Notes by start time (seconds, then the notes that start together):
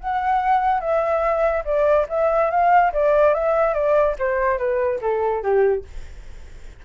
0.00 F#5
0.80 E5
1.65 D5
2.09 E5
2.51 F5
2.93 D5
3.34 E5
3.74 D5
4.19 C5
4.58 B4
5.01 A4
5.43 G4